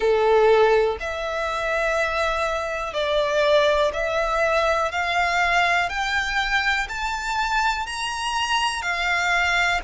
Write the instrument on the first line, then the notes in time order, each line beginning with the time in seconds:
violin
0.00 A4
1.00 E5
2.93 D5
3.93 E5
4.91 F5
5.89 G5
6.89 A5
7.86 A#5
8.82 F5